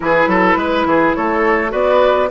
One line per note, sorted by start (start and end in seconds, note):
0.00 0.26 E3
0.00 1.69 E4
0.00 0.29 G#4
0.00 1.13 B4
0.26 0.55 F#3
0.26 0.58 A4
0.56 0.85 G#3
0.56 0.86 B4
0.85 1.14 E3
0.85 1.16 G#4
1.14 1.72 A3
1.14 1.71 A4
1.14 1.72 C#5
1.69 2.30 B3
1.69 2.27 F#4
1.69 2.29 B4
1.69 2.30 D5